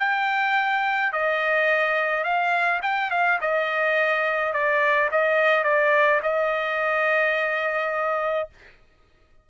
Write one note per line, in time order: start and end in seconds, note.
0.00 1.13 G5
1.13 2.24 D#5
2.24 2.81 F5
2.83 3.11 G5
3.11 3.39 F5
3.41 4.53 D#5
4.53 5.10 D5
5.12 5.64 D#5
5.64 6.21 D5
6.23 8.49 D#5